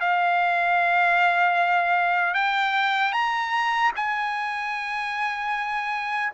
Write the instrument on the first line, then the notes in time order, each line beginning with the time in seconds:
trumpet
0.00 F5
2.34 G5
3.13 A#5
3.96 G#5